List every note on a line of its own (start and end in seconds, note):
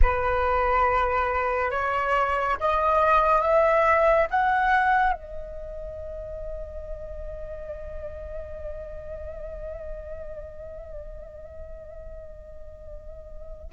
0.02 1.71 B4
1.71 2.56 C#5
2.59 3.41 D#5
3.41 4.27 E5
4.30 5.12 F#5
5.12 13.69 D#5